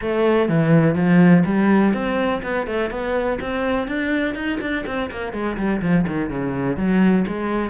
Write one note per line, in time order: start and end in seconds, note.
0.01 0.48 A3
0.48 0.95 E3
0.95 1.43 F3
1.45 1.93 G3
1.93 2.41 C4
2.42 2.66 B3
2.67 2.90 A3
2.90 3.38 B3
3.40 3.87 C4
3.87 4.34 D4
4.34 4.59 D#4
4.60 4.85 D4
4.86 5.10 C4
5.10 5.32 A#3
5.32 5.56 G#3
5.57 5.81 G3
5.81 6.05 F3
6.07 6.29 D#3
6.29 6.76 C#3
6.76 7.25 F#3
7.27 7.70 G#3